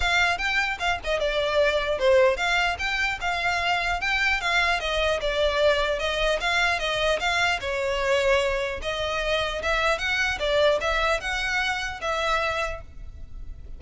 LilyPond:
\new Staff \with { instrumentName = "violin" } { \time 4/4 \tempo 4 = 150 f''4 g''4 f''8 dis''8 d''4~ | d''4 c''4 f''4 g''4 | f''2 g''4 f''4 | dis''4 d''2 dis''4 |
f''4 dis''4 f''4 cis''4~ | cis''2 dis''2 | e''4 fis''4 d''4 e''4 | fis''2 e''2 | }